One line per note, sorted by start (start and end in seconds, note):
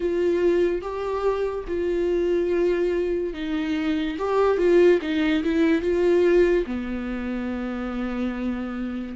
0.00 0.81 F4
0.81 1.64 G4
1.67 3.33 F4
3.33 4.17 D#4
4.18 4.57 G4
4.57 4.99 F4
5.01 5.43 D#4
5.43 5.81 E4
5.81 6.64 F4
6.66 9.16 B3